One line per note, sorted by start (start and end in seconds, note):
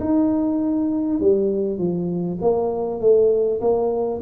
0.00 1.20 D#4
1.20 1.78 G3
1.78 2.38 F3
2.41 3.00 A#3
3.00 3.60 A3
3.61 4.21 A#3